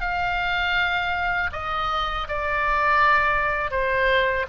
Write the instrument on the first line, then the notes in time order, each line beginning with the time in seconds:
oboe
0.00 F5
1.52 D#5
2.27 D5
3.71 C5